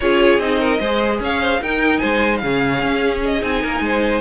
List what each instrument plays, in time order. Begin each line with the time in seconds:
0.00 cello C#4, viola F4, violin G#4 C#5
0.38 cello C4, viola D#4, violin D#5
0.60 violin A#4
0.80 cello G#3, viola G#4, violin C5
1.19 cello C#4, violin C#5 F5
1.41 violin C5
1.61 cello D#4, viola D#4, violin A#4 G5
1.98 cello G#3, violin C5 G#5
2.37 cello C#3, violin G#4 F5
2.44 viola C#4
2.82 cello C#4
3.25 violin D#5
3.41 cello C4, viola D#4, violin G#5
3.62 cello A#3, violin A#4
3.80 cello G#3, violin C5